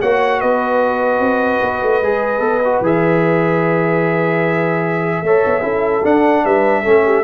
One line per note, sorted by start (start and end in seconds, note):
0.00 0.42 A#3
0.00 2.03 F#4
0.00 0.40 C#5
0.00 0.40 F#5
0.40 1.19 B3
0.40 5.23 B4
0.40 2.81 D#5
1.19 1.59 C4
1.61 1.82 B3
1.82 2.01 A3
2.01 2.39 G#3
2.01 2.40 G#4
2.39 2.80 B3
2.39 2.60 A4
2.64 2.83 F#4
2.81 5.22 E3
2.81 5.25 G#4
2.81 6.05 E5
5.22 5.42 A3
5.22 5.61 A4
5.22 5.63 C#5
5.46 5.62 B3
5.61 6.02 C#4
5.61 6.01 E4
5.61 6.43 A4
6.03 6.84 D4
6.03 6.44 D4
6.03 6.45 F#5
6.44 6.84 G3
6.44 6.82 B4
6.44 7.24 E5
6.82 7.24 A3
6.82 7.24 C#4
6.82 7.02 A4
7.05 7.24 G4